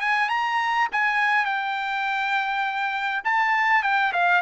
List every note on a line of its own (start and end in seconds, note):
0.00 0.29 G#5
0.29 0.88 A#5
0.92 1.45 G#5
1.45 3.21 G5
3.24 3.83 A5
3.83 4.12 G5
4.13 4.41 F5